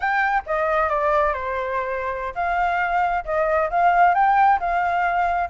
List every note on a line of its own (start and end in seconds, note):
0.00 0.43 G5
0.46 0.89 D#5
0.89 1.33 D5
1.33 2.33 C5
2.34 3.24 F5
3.24 3.69 D#5
3.70 4.14 F5
4.14 4.59 G5
4.59 5.49 F5